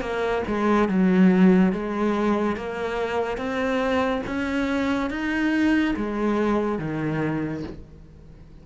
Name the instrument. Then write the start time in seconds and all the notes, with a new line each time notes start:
cello
0.00 A#3
0.47 G#3
0.88 F#3
1.72 G#3
2.56 A#3
3.37 C4
4.26 C#4
5.10 D#4
5.96 G#3
6.78 D#3